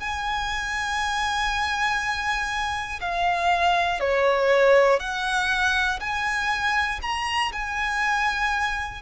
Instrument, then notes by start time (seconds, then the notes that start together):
violin
0.00 G#5
3.00 F5
4.00 C#5
4.99 F#5
6.00 G#5
7.01 A#5
7.52 G#5